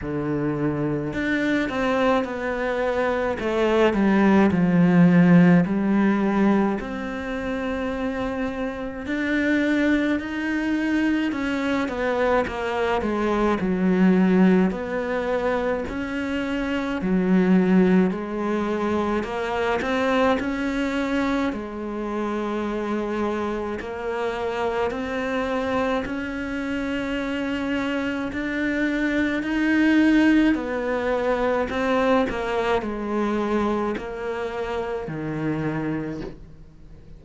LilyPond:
\new Staff \with { instrumentName = "cello" } { \time 4/4 \tempo 4 = 53 d4 d'8 c'8 b4 a8 g8 | f4 g4 c'2 | d'4 dis'4 cis'8 b8 ais8 gis8 | fis4 b4 cis'4 fis4 |
gis4 ais8 c'8 cis'4 gis4~ | gis4 ais4 c'4 cis'4~ | cis'4 d'4 dis'4 b4 | c'8 ais8 gis4 ais4 dis4 | }